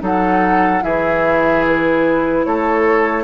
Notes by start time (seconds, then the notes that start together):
0.00 F#3 D#4 A4 F#5
0.81 E3 E4 G#4 E5
1.67 B4
2.44 A3 A4 C#5